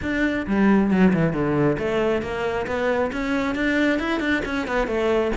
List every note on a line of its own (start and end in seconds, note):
0.02 0.46 D4
0.46 0.90 G3
0.90 1.13 F#3
1.13 1.32 E3
1.32 1.77 D3
1.78 2.21 A3
2.21 2.66 A#3
2.66 3.11 B3
3.12 3.55 C#4
3.55 3.99 D4
3.99 4.20 E4
4.20 4.42 D4
4.45 4.67 C#4
4.67 4.87 B3
4.87 5.31 A3